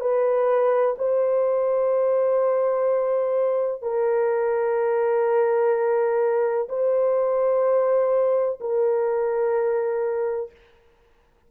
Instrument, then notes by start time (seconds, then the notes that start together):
horn
0.00 B4
0.98 C5
3.82 A#4
6.68 C5
8.60 A#4